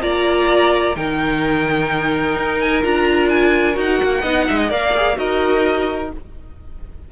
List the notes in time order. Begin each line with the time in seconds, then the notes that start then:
0.00 A#3 F4 D5 A#5
0.95 D#3 D#4 A#4 G5
2.36 D#4
2.59 G#5
2.82 D4 F4 A#5
3.28 G#5
3.73 D#4 F#4
3.80 F#5
4.02 A#3
4.20 B3 D#4 D#5
4.47 G#3 E5
4.58 D#5
4.70 A#3 A#4 D5 F5
4.96 G#4
5.15 D#4 F#4 A#4 D#5